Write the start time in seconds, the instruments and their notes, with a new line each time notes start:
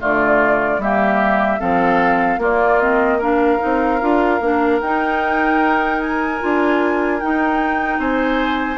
0.00 bassoon D3, clarinet A3, oboe F4, flute D5
0.78 bassoon G3, clarinet A#3, oboe G4, flute E5
1.60 bassoon F3, clarinet C4, oboe A4, flute F5
2.38 bassoon A#3, clarinet A#3, oboe F4
2.44 flute D5
2.80 clarinet C4, flute D#5
3.18 clarinet D4, oboe A#4, flute F5
3.59 bassoon C4, clarinet D#4
4.01 bassoon D4, clarinet F4
4.41 bassoon A#3, clarinet D4
4.81 bassoon D#4, clarinet D#4, flute G5
6.01 flute G#5
6.40 bassoon D4, clarinet F4
7.20 clarinet D#4, bassoon D#4, flute G5
7.98 bassoon C4, oboe C5, flute G#5